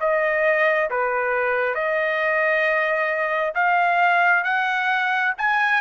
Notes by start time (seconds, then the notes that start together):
0.00 D#5
0.90 B4
1.74 D#5
3.54 F5
4.43 F#5
5.37 G#5